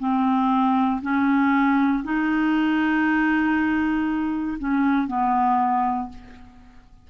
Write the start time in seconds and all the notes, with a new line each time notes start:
0.00 C4
1.02 C#4
2.04 D#4
4.59 C#4
5.08 B3